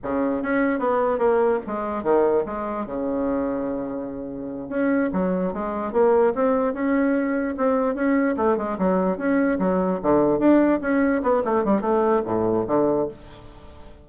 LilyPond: \new Staff \with { instrumentName = "bassoon" } { \time 4/4 \tempo 4 = 147 cis4 cis'4 b4 ais4 | gis4 dis4 gis4 cis4~ | cis2.~ cis8 cis'8~ | cis'8 fis4 gis4 ais4 c'8~ |
c'8 cis'2 c'4 cis'8~ | cis'8 a8 gis8 fis4 cis'4 fis8~ | fis8 d4 d'4 cis'4 b8 | a8 g8 a4 a,4 d4 | }